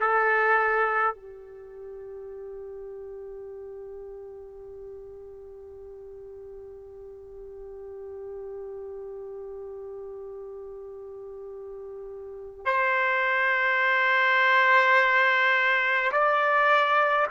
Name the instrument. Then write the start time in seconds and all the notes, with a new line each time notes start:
trumpet
0.00 A4
1.15 G4
12.66 C5
16.12 D5